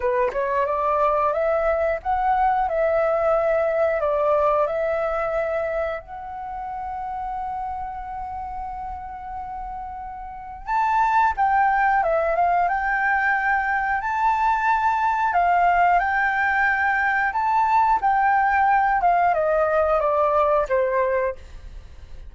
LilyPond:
\new Staff \with { instrumentName = "flute" } { \time 4/4 \tempo 4 = 90 b'8 cis''8 d''4 e''4 fis''4 | e''2 d''4 e''4~ | e''4 fis''2.~ | fis''1 |
a''4 g''4 e''8 f''8 g''4~ | g''4 a''2 f''4 | g''2 a''4 g''4~ | g''8 f''8 dis''4 d''4 c''4 | }